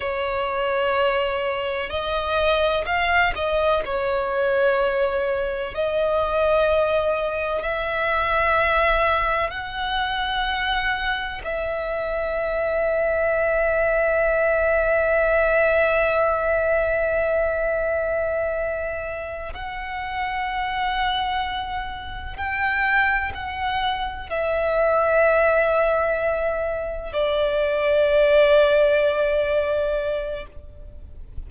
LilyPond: \new Staff \with { instrumentName = "violin" } { \time 4/4 \tempo 4 = 63 cis''2 dis''4 f''8 dis''8 | cis''2 dis''2 | e''2 fis''2 | e''1~ |
e''1~ | e''8 fis''2. g''8~ | g''8 fis''4 e''2~ e''8~ | e''8 d''2.~ d''8 | }